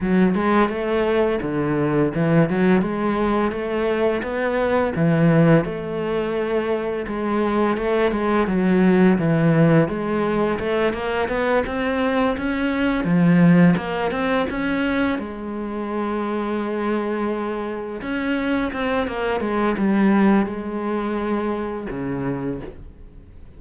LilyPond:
\new Staff \with { instrumentName = "cello" } { \time 4/4 \tempo 4 = 85 fis8 gis8 a4 d4 e8 fis8 | gis4 a4 b4 e4 | a2 gis4 a8 gis8 | fis4 e4 gis4 a8 ais8 |
b8 c'4 cis'4 f4 ais8 | c'8 cis'4 gis2~ gis8~ | gis4. cis'4 c'8 ais8 gis8 | g4 gis2 cis4 | }